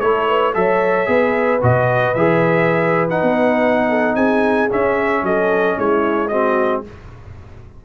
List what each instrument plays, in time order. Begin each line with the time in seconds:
0.00 tuba A3, trombone E4, horn A4, trumpet C#5
0.28 horn B4
0.53 tuba F#3, trombone A4, horn C#5, trumpet E5
1.06 tuba B3, trombone G#4, horn B4
1.61 tuba B2, trombone F#4, trumpet D#5
2.14 tuba E3, trombone G#4, trumpet E5
3.10 trombone D#4, trumpet F#5
3.22 tuba B3
3.89 horn A4
4.15 tuba C4, horn G#4, trumpet G#5
4.69 trombone C#4, tuba C#4, trumpet E5
5.23 tuba F#3, horn A4, trumpet D#5
5.77 tuba G#3, horn E4, trumpet C#5
6.28 trombone C4, horn F#4, trumpet D#5